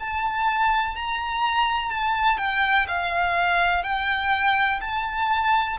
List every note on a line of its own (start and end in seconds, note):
0.00 0.96 A5
0.96 1.91 A#5
1.91 2.38 A5
2.38 2.86 G5
2.88 3.84 F5
3.84 4.80 G5
4.81 5.78 A5